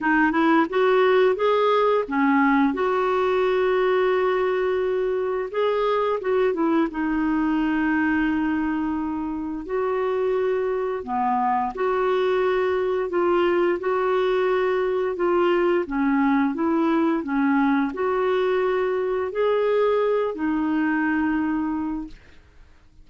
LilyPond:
\new Staff \with { instrumentName = "clarinet" } { \time 4/4 \tempo 4 = 87 dis'8 e'8 fis'4 gis'4 cis'4 | fis'1 | gis'4 fis'8 e'8 dis'2~ | dis'2 fis'2 |
b4 fis'2 f'4 | fis'2 f'4 cis'4 | e'4 cis'4 fis'2 | gis'4. dis'2~ dis'8 | }